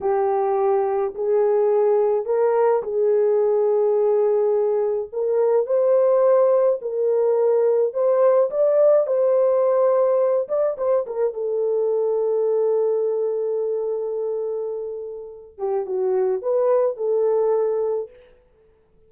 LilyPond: \new Staff \with { instrumentName = "horn" } { \time 4/4 \tempo 4 = 106 g'2 gis'2 | ais'4 gis'2.~ | gis'4 ais'4 c''2 | ais'2 c''4 d''4 |
c''2~ c''8 d''8 c''8 ais'8 | a'1~ | a'2.~ a'8 g'8 | fis'4 b'4 a'2 | }